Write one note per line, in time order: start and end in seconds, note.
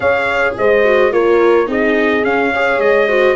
0.00 0.55 C#4
0.00 0.84 G#4
0.00 0.56 C#5
0.00 0.54 F5
0.57 1.12 G#3
0.57 1.12 C5
0.57 1.12 D#5
0.84 1.10 F#4
1.10 1.67 A#3
1.10 1.66 F4
1.10 1.68 A#4
1.10 1.68 C#5
1.66 2.23 C4
1.66 2.22 D#4
1.66 2.52 G#4
1.66 2.24 D#5
2.23 2.78 C#4
2.23 2.52 C#4
2.23 2.80 F5
2.52 3.08 G#4
2.52 3.08 C#5
2.78 3.34 G#3
2.78 3.36 D#5
3.08 3.36 F#4
3.08 3.36 C5